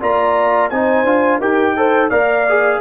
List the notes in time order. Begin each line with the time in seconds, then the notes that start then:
0.00 A#3 F4 D5 A#5
0.70 C4 D#4 C5 G#5
1.04 D4 F4
1.39 D#4 G4 A#4 G5
1.76 A4 C5
2.09 A#3 A#4 D5 F5
2.49 G#4